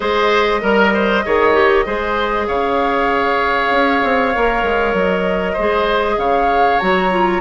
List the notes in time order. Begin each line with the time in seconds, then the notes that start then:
0.00 G#3 G#4 C5 D#5
0.61 G3 A#4
0.93 C5
1.25 D#3 G#4 C#5
1.53 G4
1.85 G#3 G#4 C5
2.47 C#3 C#5 F5
3.70 C#4
4.04 C4
4.34 A#3 A#4
4.63 G#3
4.93 F#3 D#5
5.53 G#3 G#4 C5
6.17 C#3 C#5 F5
6.79 F#3 F#4 A#5
7.11 F4